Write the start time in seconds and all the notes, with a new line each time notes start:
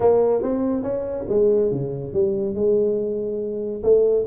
0.00 A#3
0.42 C4
0.82 C#4
1.28 G#3
1.71 C#3
2.13 G3
2.55 G#3
3.83 A3